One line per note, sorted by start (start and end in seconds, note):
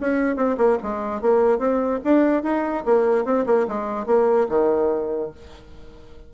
0.00 0.36 C#4
0.36 0.57 C4
0.57 0.78 A#3
0.82 1.21 G#3
1.21 1.59 A#3
1.59 2.00 C4
2.04 2.43 D4
2.43 2.84 D#4
2.85 3.25 A#3
3.25 3.45 C4
3.46 3.67 A#3
3.68 4.06 G#3
4.06 4.47 A#3
4.49 5.31 D#3